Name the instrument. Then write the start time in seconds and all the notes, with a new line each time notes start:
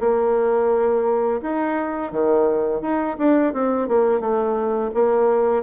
bassoon
0.00 A#3
1.42 D#4
2.12 D#3
2.82 D#4
3.18 D4
3.54 C4
3.89 A#3
4.20 A3
4.94 A#3